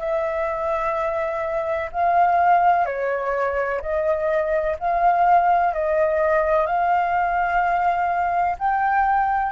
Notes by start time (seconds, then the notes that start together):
0.00 E5
1.92 F5
2.86 C#5
3.82 D#5
4.80 F5
5.74 D#5
6.67 F5
8.59 G5